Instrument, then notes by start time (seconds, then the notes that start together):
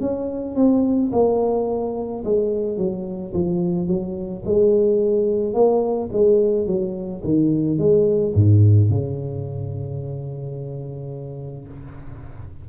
tuba
0.00 C#4
0.55 C4
1.12 A#3
2.24 G#3
2.77 F#3
3.33 F3
3.87 F#3
4.44 G#3
5.54 A#3
6.12 G#3
6.66 F#3
7.24 D#3
7.78 G#3
8.34 G#2
8.89 C#3